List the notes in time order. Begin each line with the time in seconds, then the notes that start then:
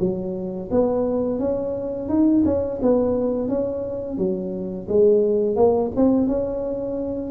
0.00 F#3
0.71 B3
1.40 C#4
2.09 D#4
2.46 C#4
2.83 B3
3.49 C#4
4.18 F#3
4.89 G#3
5.56 A#3
5.96 C4
6.28 C#4